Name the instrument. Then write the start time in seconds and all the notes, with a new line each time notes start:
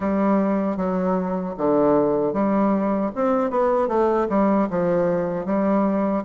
bassoon
0.00 G3
0.76 F#3
1.57 D3
2.33 G3
3.15 C4
3.50 B3
3.87 A3
4.29 G3
4.70 F3
5.45 G3